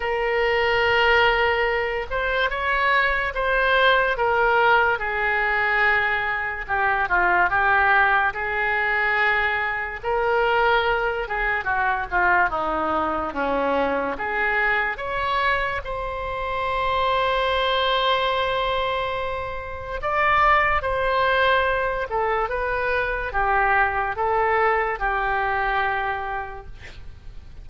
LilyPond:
\new Staff \with { instrumentName = "oboe" } { \time 4/4 \tempo 4 = 72 ais'2~ ais'8 c''8 cis''4 | c''4 ais'4 gis'2 | g'8 f'8 g'4 gis'2 | ais'4. gis'8 fis'8 f'8 dis'4 |
cis'4 gis'4 cis''4 c''4~ | c''1 | d''4 c''4. a'8 b'4 | g'4 a'4 g'2 | }